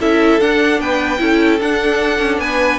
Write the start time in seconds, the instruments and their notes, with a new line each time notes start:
0.00 cello C#4, viola E4, violin A4 E5
0.40 viola D4, cello D4, violin F#5
0.80 cello B3, violin B4 G5
1.19 cello C#4, viola E4, violin A4
1.60 cello D4, viola D4, violin F#5
2.19 cello C#4
2.38 cello B3, violin B4 G#5